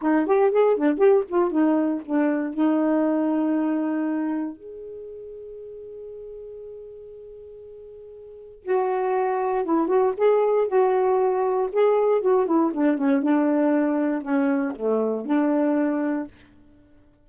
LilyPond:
\new Staff \with { instrumentName = "saxophone" } { \time 4/4 \tempo 4 = 118 dis'8 g'8 gis'8 d'8 g'8 f'8 dis'4 | d'4 dis'2.~ | dis'4 gis'2.~ | gis'1~ |
gis'4 fis'2 e'8 fis'8 | gis'4 fis'2 gis'4 | fis'8 e'8 d'8 cis'8 d'2 | cis'4 a4 d'2 | }